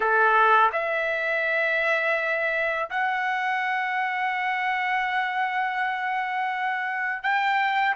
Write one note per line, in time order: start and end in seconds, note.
0.00 0.70 A4
0.72 2.89 E5
2.90 7.23 F#5
7.23 7.95 G5